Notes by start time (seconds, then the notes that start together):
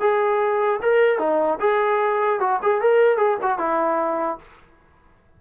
0.00 G#4
0.82 A#4
1.19 D#4
1.60 G#4
2.40 F#4
2.63 G#4
2.81 A#4
3.17 G#4
3.42 F#4
3.58 E4